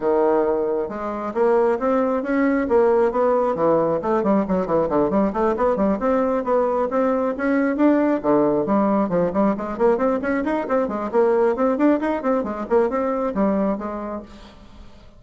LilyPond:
\new Staff \with { instrumentName = "bassoon" } { \time 4/4 \tempo 4 = 135 dis2 gis4 ais4 | c'4 cis'4 ais4 b4 | e4 a8 g8 fis8 e8 d8 g8 | a8 b8 g8 c'4 b4 c'8~ |
c'8 cis'4 d'4 d4 g8~ | g8 f8 g8 gis8 ais8 c'8 cis'8 dis'8 | c'8 gis8 ais4 c'8 d'8 dis'8 c'8 | gis8 ais8 c'4 g4 gis4 | }